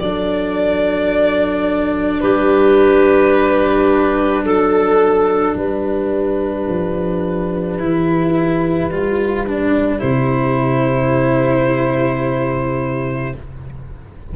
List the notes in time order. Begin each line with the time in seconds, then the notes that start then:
0.00 F#3 D4 A4 D5
2.20 G3 G4 B4
4.44 F#3 A4
5.56 G3 G4 B4
6.69 F3
7.79 E3 E4
8.90 G3 F4
9.47 D4
9.99 C3 E4 C5